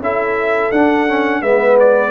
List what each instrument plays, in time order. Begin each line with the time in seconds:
0.00 tuba C#4, trombone E4, horn A4, trumpet E5
0.72 tuba D4, trombone D4, trumpet F#5
1.08 trombone C#4
1.42 tuba G#3, trombone B3, horn B4, trumpet E5
1.80 trumpet D5